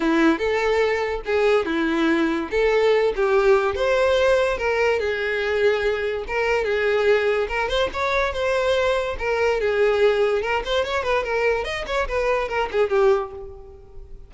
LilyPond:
\new Staff \with { instrumentName = "violin" } { \time 4/4 \tempo 4 = 144 e'4 a'2 gis'4 | e'2 a'4. g'8~ | g'4 c''2 ais'4 | gis'2. ais'4 |
gis'2 ais'8 c''8 cis''4 | c''2 ais'4 gis'4~ | gis'4 ais'8 c''8 cis''8 b'8 ais'4 | dis''8 cis''8 b'4 ais'8 gis'8 g'4 | }